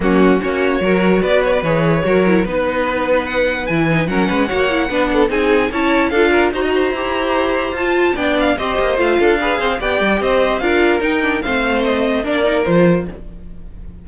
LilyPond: <<
  \new Staff \with { instrumentName = "violin" } { \time 4/4 \tempo 4 = 147 fis'4 cis''2 d''8 cis''16 d''16 | cis''2 b'2 | fis''4 gis''4 fis''2~ | fis''4 gis''4 a''4 f''4 |
ais''2. a''4 | g''8 f''8 dis''4 f''2 | g''4 dis''4 f''4 g''4 | f''4 dis''4 d''4 c''4 | }
  \new Staff \with { instrumentName = "violin" } { \time 4/4 cis'4 fis'4 ais'4 b'4~ | b'4 ais'4 b'2~ | b'2 ais'8 b'8 cis''4 | b'8 a'8 gis'4 cis''4 a'8 ais'8 |
c''16 dis''16 c''2.~ c''8 | d''4 c''4. a'8 b'8 c''8 | d''4 c''4 ais'2 | c''2 ais'2 | }
  \new Staff \with { instrumentName = "viola" } { \time 4/4 ais4 cis'4 fis'2 | gis'4 fis'8 e'8 dis'2~ | dis'4 e'8 dis'8 cis'4 fis'8 e'8 | d'4 dis'4 e'4 f'4 |
fis'4 g'2 f'4 | d'4 g'4 f'4 gis'4 | g'2 f'4 dis'8 d'8 | c'2 d'8 dis'8 f'4 | }
  \new Staff \with { instrumentName = "cello" } { \time 4/4 fis4 ais4 fis4 b4 | e4 fis4 b2~ | b4 e4 fis8 gis8 ais4 | b4 c'4 cis'4 d'4 |
dis'4 e'2 f'4 | b4 c'8 ais8 a8 d'4 c'8 | b8 g8 c'4 d'4 dis'4 | a2 ais4 f4 | }
>>